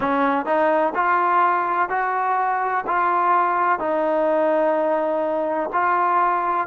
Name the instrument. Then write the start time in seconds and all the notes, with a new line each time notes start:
trombone
0.00 C#4
0.45 D#4
0.94 F4
1.89 F#4
2.86 F4
3.79 D#4
5.72 F4